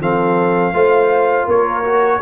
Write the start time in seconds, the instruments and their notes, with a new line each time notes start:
0.00 tuba F3, trombone C4, horn A4, trumpet F5
0.73 tuba A3, trombone F4, horn C5
1.46 tuba A#3, horn A#4, trumpet C#5
1.84 trombone F#4